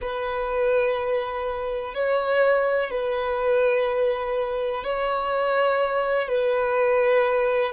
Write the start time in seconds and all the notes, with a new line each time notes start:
0.01 B4
1.94 C#5
2.90 B4
4.83 C#5
6.28 B4